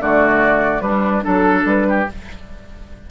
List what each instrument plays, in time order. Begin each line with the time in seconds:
0.00 bassoon D3, clarinet A3, oboe F#4, flute D5
0.81 bassoon G3, clarinet G3, oboe D4, flute B4
1.22 bassoon F#3, clarinet D4, oboe A4, flute A4
1.65 bassoon G3, flute B4
1.89 oboe G4